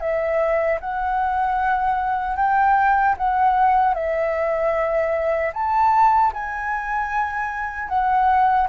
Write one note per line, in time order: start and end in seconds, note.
0.00 0.79 E5
0.80 2.36 F#5
2.36 3.15 G5
3.17 3.94 F#5
3.94 5.52 E5
5.53 6.32 A5
6.33 7.89 G#5
7.89 8.68 F#5